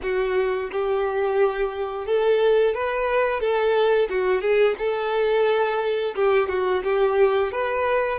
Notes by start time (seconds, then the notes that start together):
0.02 F#4
0.72 G4
2.06 A4
2.74 B4
3.40 A4
4.09 F#4
4.41 G#4
4.78 A4
6.15 G4
6.48 F#4
6.83 G4
7.52 B4